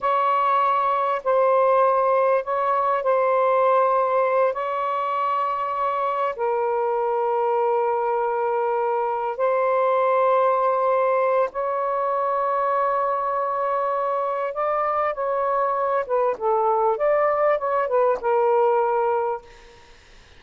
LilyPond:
\new Staff \with { instrumentName = "saxophone" } { \time 4/4 \tempo 4 = 99 cis''2 c''2 | cis''4 c''2~ c''8 cis''8~ | cis''2~ cis''8 ais'4.~ | ais'2.~ ais'8 c''8~ |
c''2. cis''4~ | cis''1 | d''4 cis''4. b'8 a'4 | d''4 cis''8 b'8 ais'2 | }